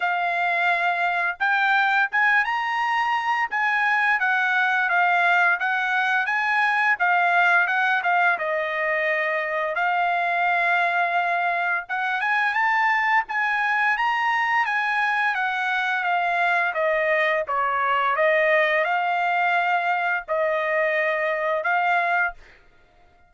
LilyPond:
\new Staff \with { instrumentName = "trumpet" } { \time 4/4 \tempo 4 = 86 f''2 g''4 gis''8 ais''8~ | ais''4 gis''4 fis''4 f''4 | fis''4 gis''4 f''4 fis''8 f''8 | dis''2 f''2~ |
f''4 fis''8 gis''8 a''4 gis''4 | ais''4 gis''4 fis''4 f''4 | dis''4 cis''4 dis''4 f''4~ | f''4 dis''2 f''4 | }